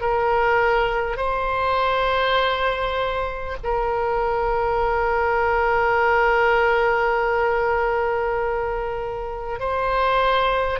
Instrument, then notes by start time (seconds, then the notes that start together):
oboe
0.00 A#4
1.17 C5
3.63 A#4
9.59 C5